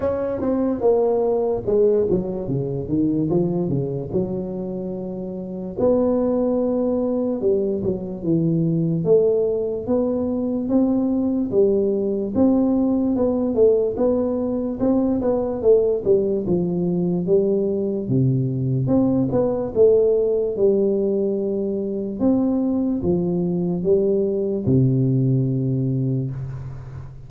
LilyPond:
\new Staff \with { instrumentName = "tuba" } { \time 4/4 \tempo 4 = 73 cis'8 c'8 ais4 gis8 fis8 cis8 dis8 | f8 cis8 fis2 b4~ | b4 g8 fis8 e4 a4 | b4 c'4 g4 c'4 |
b8 a8 b4 c'8 b8 a8 g8 | f4 g4 c4 c'8 b8 | a4 g2 c'4 | f4 g4 c2 | }